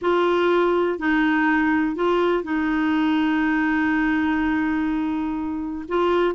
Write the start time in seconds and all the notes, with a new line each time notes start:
0.01 F4
0.99 D#4
1.95 F4
2.43 D#4
5.88 F4